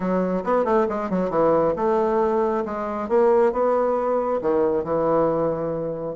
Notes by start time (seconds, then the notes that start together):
0.00 F#3
0.44 B3
0.64 A3
0.88 G#3
1.09 F#3
1.30 E3
1.76 A3
2.65 G#3
3.08 A#3
3.52 B3
4.41 D#3
4.84 E3